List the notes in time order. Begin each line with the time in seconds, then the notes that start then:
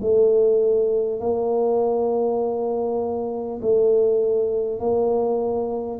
0.00 A3
1.19 A#3
3.61 A3
4.79 A#3